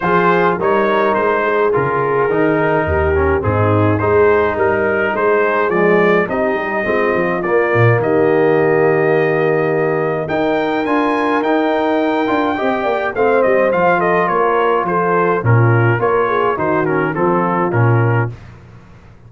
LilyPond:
<<
  \new Staff \with { instrumentName = "trumpet" } { \time 4/4 \tempo 4 = 105 c''4 cis''4 c''4 ais'4~ | ais'2 gis'4 c''4 | ais'4 c''4 d''4 dis''4~ | dis''4 d''4 dis''2~ |
dis''2 g''4 gis''4 | g''2. f''8 dis''8 | f''8 dis''8 cis''4 c''4 ais'4 | cis''4 c''8 ais'8 a'4 ais'4 | }
  \new Staff \with { instrumentName = "horn" } { \time 4/4 gis'4 ais'4. gis'4.~ | gis'4 g'4 dis'4 gis'4 | ais'4 gis'2 g'4 | f'2 g'2~ |
g'2 ais'2~ | ais'2 dis''8 d''8 c''4~ | c''8 a'8 ais'4 a'4 f'4 | ais'8 gis'8 fis'4 f'2 | }
  \new Staff \with { instrumentName = "trombone" } { \time 4/4 f'4 dis'2 f'4 | dis'4. cis'8 c'4 dis'4~ | dis'2 gis4 dis'4 | c'4 ais2.~ |
ais2 dis'4 f'4 | dis'4. f'8 g'4 c'4 | f'2. cis'4 | f'4 dis'8 cis'8 c'4 cis'4 | }
  \new Staff \with { instrumentName = "tuba" } { \time 4/4 f4 g4 gis4 cis4 | dis4 dis,4 gis,4 gis4 | g4 gis4 f4 c'8 g8 | gis8 f8 ais8 ais,8 dis2~ |
dis2 dis'4 d'4 | dis'4. d'8 c'8 ais8 a8 g8 | f4 ais4 f4 ais,4 | ais4 dis4 f4 ais,4 | }
>>